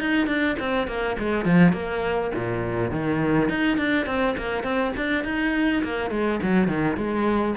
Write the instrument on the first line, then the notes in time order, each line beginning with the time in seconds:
cello
0.00 D#4
0.28 D4
0.60 C4
0.88 A#3
1.19 G#3
1.45 F3
1.73 A#3
2.35 A#2
2.92 D#3
3.50 D#4
3.78 D4
4.06 C4
4.38 A#3
4.64 C4
4.97 D4
5.25 D#4
5.84 A#3
6.11 G#3
6.43 F#3
6.68 D#3
6.97 G#3